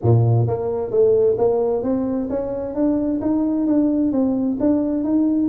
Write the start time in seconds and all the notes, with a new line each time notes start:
0.02 A#2
0.47 A#3
0.91 A3
1.37 A#3
1.83 C4
2.29 C#4
2.74 D4
3.21 D#4
3.66 D4
4.11 C4
4.60 D4
5.03 D#4